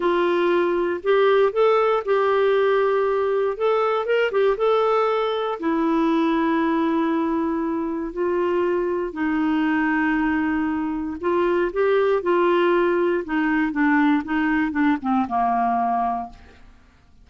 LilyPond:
\new Staff \with { instrumentName = "clarinet" } { \time 4/4 \tempo 4 = 118 f'2 g'4 a'4 | g'2. a'4 | ais'8 g'8 a'2 e'4~ | e'1 |
f'2 dis'2~ | dis'2 f'4 g'4 | f'2 dis'4 d'4 | dis'4 d'8 c'8 ais2 | }